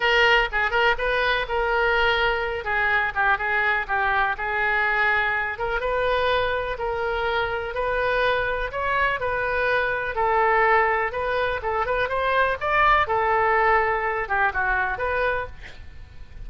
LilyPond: \new Staff \with { instrumentName = "oboe" } { \time 4/4 \tempo 4 = 124 ais'4 gis'8 ais'8 b'4 ais'4~ | ais'4. gis'4 g'8 gis'4 | g'4 gis'2~ gis'8 ais'8 | b'2 ais'2 |
b'2 cis''4 b'4~ | b'4 a'2 b'4 | a'8 b'8 c''4 d''4 a'4~ | a'4. g'8 fis'4 b'4 | }